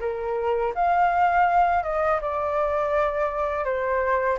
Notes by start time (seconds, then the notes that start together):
0.00 A#4
0.75 F5
1.83 D#5
2.21 D5
3.65 C5